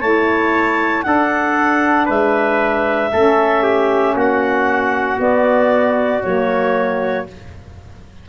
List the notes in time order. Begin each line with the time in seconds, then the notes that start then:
0.00 A3 E4 C#5 A5
1.03 D4 A4 F#5
2.06 G#3 B4 E5
3.12 A3 C#4 A4
3.63 G4
4.14 A#3 F#4 F#5
5.17 B3 D5
6.23 F#3 A#3 C#5